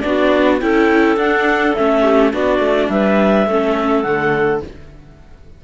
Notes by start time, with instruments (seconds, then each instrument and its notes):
0.00 cello B3, viola D4, clarinet F#4 D5
0.60 cello C#4, viola E4, clarinet A4 G5
1.16 cello D4, viola D4, clarinet F#5
1.74 cello A3, viola C#4, clarinet E5
2.02 clarinet G4
2.31 cello B3, viola D4, clarinet F#4 D5
2.59 cello A3
2.89 cello G3, clarinet B4 E5
3.46 cello A3, viola C#4, clarinet A4
4.02 cello D3, viola A3, clarinet F#5